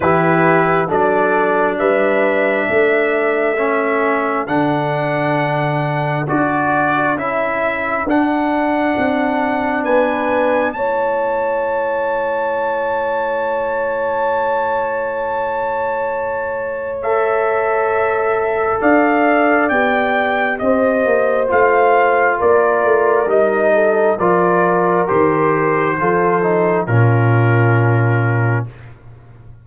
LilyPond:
<<
  \new Staff \with { instrumentName = "trumpet" } { \time 4/4 \tempo 4 = 67 b'4 d''4 e''2~ | e''4 fis''2 d''4 | e''4 fis''2 gis''4 | a''1~ |
a''2. e''4~ | e''4 f''4 g''4 dis''4 | f''4 d''4 dis''4 d''4 | c''2 ais'2 | }
  \new Staff \with { instrumentName = "horn" } { \time 4/4 g'4 a'4 b'4 a'4~ | a'1~ | a'2. b'4 | cis''1~ |
cis''1~ | cis''4 d''2 c''4~ | c''4 ais'4. a'8 ais'4~ | ais'4 a'4 f'2 | }
  \new Staff \with { instrumentName = "trombone" } { \time 4/4 e'4 d'2. | cis'4 d'2 fis'4 | e'4 d'2. | e'1~ |
e'2. a'4~ | a'2 g'2 | f'2 dis'4 f'4 | g'4 f'8 dis'8 cis'2 | }
  \new Staff \with { instrumentName = "tuba" } { \time 4/4 e4 fis4 g4 a4~ | a4 d2 d'4 | cis'4 d'4 c'4 b4 | a1~ |
a1~ | a4 d'4 b4 c'8 ais8 | a4 ais8 a8 g4 f4 | dis4 f4 ais,2 | }
>>